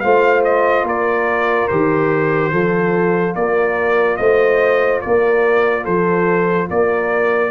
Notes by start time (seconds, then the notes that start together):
0.00 A3 F4 C5 F5
0.44 D#5
0.84 A#3 A#4 D5
1.68 D#3 G4 C5
2.52 F3 F4 A4
3.35 A#3 A#4 D5
4.17 A3 C5 D#5
5.01 A#3 A#4 D5
5.84 F3 A4 C5
6.69 A#3 A#4 D5